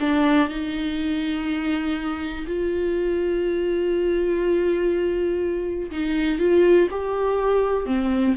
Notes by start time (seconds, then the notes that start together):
0.00 D4
0.49 D#4
2.46 F4
5.91 D#4
6.39 F4
6.91 G4
7.86 C4